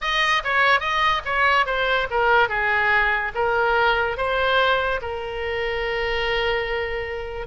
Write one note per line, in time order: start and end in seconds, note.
0.01 0.43 D#5
0.43 0.79 C#5
0.79 1.21 D#5
1.25 1.66 C#5
1.66 2.07 C5
2.10 2.48 A#4
2.48 3.32 G#4
3.34 4.17 A#4
4.17 5.00 C5
5.01 7.46 A#4